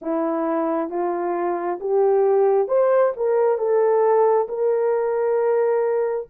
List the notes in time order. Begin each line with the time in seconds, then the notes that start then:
0.01 E4
0.90 F4
1.80 G4
2.67 C5
3.16 A#4
3.58 A4
4.48 A#4